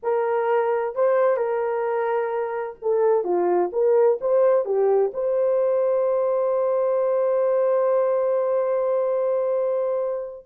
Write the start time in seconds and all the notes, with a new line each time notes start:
0.02 A#4
0.95 C5
1.37 A#4
2.82 A4
3.23 F4
3.72 A#4
4.21 C5
4.65 G4
5.13 C5